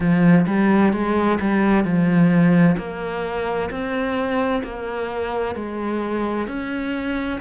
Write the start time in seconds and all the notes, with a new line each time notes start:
0.00 F3
0.47 G3
0.92 G#3
1.40 G3
1.84 F3
2.77 A#3
3.70 C4
4.63 A#3
5.55 G#3
6.47 C#4